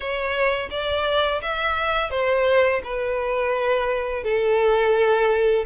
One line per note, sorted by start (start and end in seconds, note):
0.00 0.69 C#5
0.70 1.41 D5
1.41 2.10 E5
2.10 2.81 C5
2.84 4.24 B4
4.24 5.65 A4